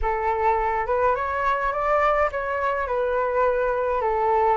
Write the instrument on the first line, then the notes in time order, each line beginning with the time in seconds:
flute
0.02 A4
0.86 B4
1.15 C#5
1.72 D5
2.31 C#5
2.87 B4
4.01 A4